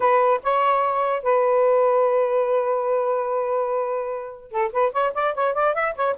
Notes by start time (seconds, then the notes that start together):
0.00 B4
0.43 C#5
1.22 B4
4.51 A4
4.72 B4
4.92 C#5
5.14 D5
5.34 C#5
5.54 D5
5.74 E5
5.95 C#5